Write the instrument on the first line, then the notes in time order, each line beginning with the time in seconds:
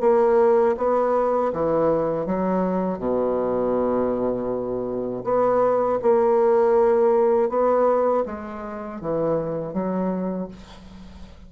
bassoon
0.00 A#3
0.77 B3
1.52 E3
2.26 F#3
2.98 B2
5.24 B3
6.02 A#3
7.49 B3
8.25 G#3
9.00 E3
9.73 F#3